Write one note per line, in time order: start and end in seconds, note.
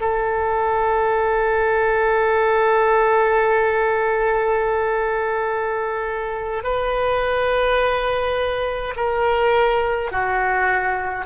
0.00 6.63 A4
6.63 8.94 B4
8.96 10.11 A#4
10.11 11.26 F#4